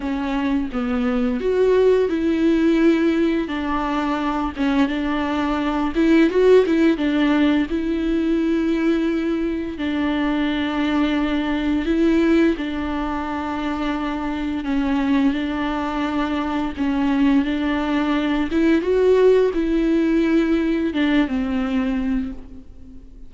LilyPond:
\new Staff \with { instrumentName = "viola" } { \time 4/4 \tempo 4 = 86 cis'4 b4 fis'4 e'4~ | e'4 d'4. cis'8 d'4~ | d'8 e'8 fis'8 e'8 d'4 e'4~ | e'2 d'2~ |
d'4 e'4 d'2~ | d'4 cis'4 d'2 | cis'4 d'4. e'8 fis'4 | e'2 d'8 c'4. | }